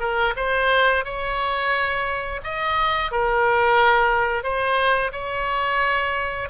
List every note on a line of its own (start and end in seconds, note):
0.00 0.34 A#4
0.37 1.05 C5
1.05 2.41 C#5
2.44 3.11 D#5
3.11 4.43 A#4
4.43 5.12 C5
5.13 6.49 C#5